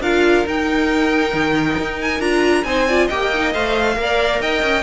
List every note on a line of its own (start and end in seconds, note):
0.00 0.44 D4
0.00 0.46 F4
0.00 2.64 A#4
0.00 0.46 F5
0.46 1.33 D#4
0.46 2.20 D#4
0.46 2.01 G5
1.33 1.77 D#3
1.78 2.20 D#4
2.01 2.21 G#5
2.20 2.64 D4
2.20 2.64 F4
2.20 2.64 A#5
2.64 3.08 C4
2.64 2.88 D#4
2.64 2.88 C5
2.64 3.08 G#5
2.88 3.11 F4
2.88 3.06 D5
3.06 3.55 A#3
3.06 3.33 G4
3.06 3.94 D#5
3.06 3.53 G5
3.33 3.54 D#4
3.54 3.96 A3
3.54 3.96 C5
3.54 4.41 F5
3.96 4.40 A#3
3.96 4.83 A#4
3.96 4.41 D5
4.41 4.62 D#4
4.41 4.83 D#5
4.41 4.83 G5
4.62 4.83 C#4